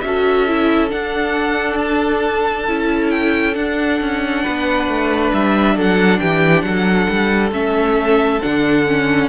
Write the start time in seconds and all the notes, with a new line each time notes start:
0.00 C#4 F#4 A4 E5
0.48 E4
0.89 D4 F#5
1.78 A5
2.68 C#4 E4
3.10 G5
3.54 D4 F#5
4.00 C#4
4.43 B3 B4
4.88 A3
5.33 G3 E5
5.76 F#3 A4 F#5
6.19 E3 G4 G5
6.62 F#3 A4 F#5
7.09 G3
7.51 A3 C#4 E5
8.41 D3 D4 F#5
8.87 C#4